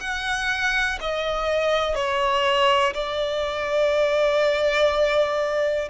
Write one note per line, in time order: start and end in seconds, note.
0.00 0.98 F#5
1.00 1.95 D#5
1.95 2.93 C#5
2.93 5.88 D5